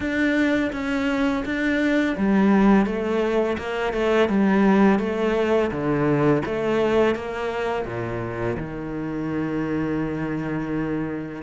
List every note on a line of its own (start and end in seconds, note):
0.00 0.71 D4
0.72 1.44 C#4
1.44 2.16 D4
2.17 2.85 G3
2.85 3.57 A3
3.57 3.93 A#3
3.93 4.28 A3
4.28 4.99 G3
4.99 5.70 A3
5.71 6.42 D3
6.45 7.15 A3
7.15 7.85 A#3
7.85 8.56 A#2
8.57 11.42 D#3